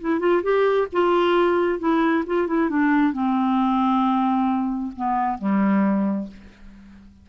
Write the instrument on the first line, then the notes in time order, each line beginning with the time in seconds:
clarinet
0.00 E4
0.19 F4
0.43 G4
0.92 F4
1.79 E4
2.26 F4
2.47 E4
2.69 D4
3.12 C4
4.96 B3
5.38 G3